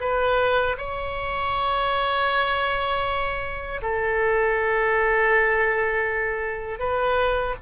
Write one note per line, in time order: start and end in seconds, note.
0.00 0.76 B4
0.77 3.81 C#5
3.82 6.79 A4
6.79 7.55 B4